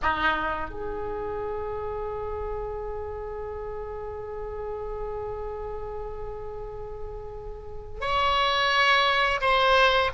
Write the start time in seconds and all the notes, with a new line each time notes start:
0.02 D#4
0.69 G#4
8.00 C#5
9.41 C5